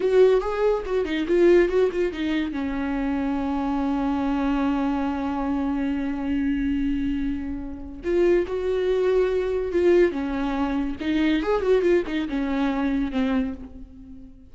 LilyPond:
\new Staff \with { instrumentName = "viola" } { \time 4/4 \tempo 4 = 142 fis'4 gis'4 fis'8 dis'8 f'4 | fis'8 f'8 dis'4 cis'2~ | cis'1~ | cis'1~ |
cis'2. f'4 | fis'2. f'4 | cis'2 dis'4 gis'8 fis'8 | f'8 dis'8 cis'2 c'4 | }